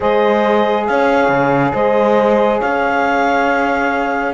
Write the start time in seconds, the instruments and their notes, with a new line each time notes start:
0.00 cello G#3, saxophone G#4, horn C5, clarinet D#5
0.85 cello C#4, horn C#5, clarinet F5
1.28 cello C#3
1.73 cello G#3, horn C5, clarinet D#5
2.60 cello C#4, horn C#5, clarinet F5